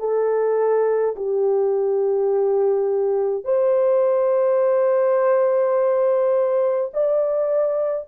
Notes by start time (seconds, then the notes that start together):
0.00 A4
1.16 G4
3.45 C5
6.94 D5